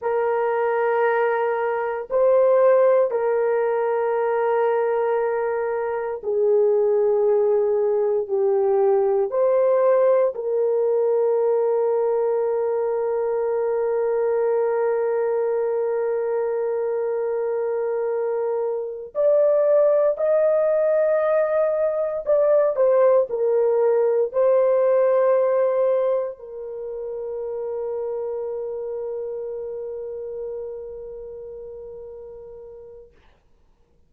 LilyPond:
\new Staff \with { instrumentName = "horn" } { \time 4/4 \tempo 4 = 58 ais'2 c''4 ais'4~ | ais'2 gis'2 | g'4 c''4 ais'2~ | ais'1~ |
ais'2~ ais'8 d''4 dis''8~ | dis''4. d''8 c''8 ais'4 c''8~ | c''4. ais'2~ ais'8~ | ais'1 | }